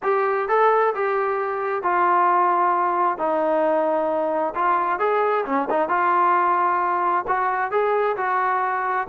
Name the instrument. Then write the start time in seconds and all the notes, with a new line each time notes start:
trombone
0.02 G4
0.48 A4
0.94 G4
1.82 F4
3.17 D#4
4.55 F4
4.99 G#4
5.45 C#4
5.70 D#4
5.88 F4
7.27 F#4
7.71 G#4
8.17 F#4